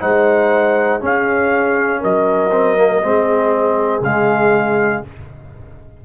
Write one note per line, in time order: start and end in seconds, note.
0.00 1.01 G#3
0.00 1.00 D#4
0.00 1.01 C5
0.00 1.01 F#5
1.00 2.50 C#4
1.00 2.03 C#4
1.00 2.00 G#4
1.00 2.03 F5
2.00 3.03 F#3
2.00 3.00 A#4
2.00 4.03 D#5
2.52 2.77 C4
2.77 3.02 A#3
3.02 4.01 G#3
3.02 4.02 C4
3.02 5.03 G#4
4.01 5.01 C#3
4.01 5.05 G#3
4.01 5.04 F5